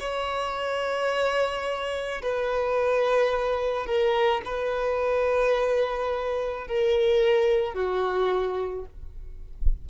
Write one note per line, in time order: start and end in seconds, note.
0.00 2.22 C#5
2.23 3.87 B4
3.87 4.42 A#4
4.45 6.68 B4
6.68 7.74 A#4
7.74 8.85 F#4